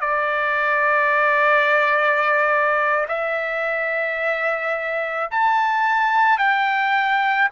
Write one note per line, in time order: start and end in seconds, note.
0.00 3.06 D5
3.08 5.30 E5
5.30 6.38 A5
6.38 7.49 G5